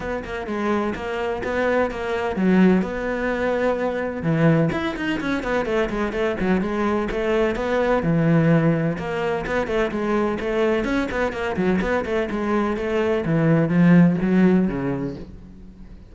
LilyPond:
\new Staff \with { instrumentName = "cello" } { \time 4/4 \tempo 4 = 127 b8 ais8 gis4 ais4 b4 | ais4 fis4 b2~ | b4 e4 e'8 dis'8 cis'8 b8 | a8 gis8 a8 fis8 gis4 a4 |
b4 e2 ais4 | b8 a8 gis4 a4 cis'8 b8 | ais8 fis8 b8 a8 gis4 a4 | e4 f4 fis4 cis4 | }